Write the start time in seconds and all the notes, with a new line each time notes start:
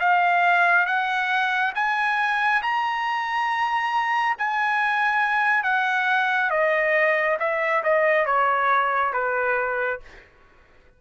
0.00 F5
0.87 F#5
1.75 G#5
2.63 A#5
4.38 G#5
5.64 F#5
6.51 D#5
7.40 E5
7.84 D#5
8.26 C#5
9.13 B4